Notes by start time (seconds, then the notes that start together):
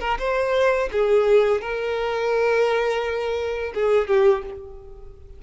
0.00 A#4
0.19 C5
0.92 G#4
1.61 A#4
3.75 G#4
4.08 G4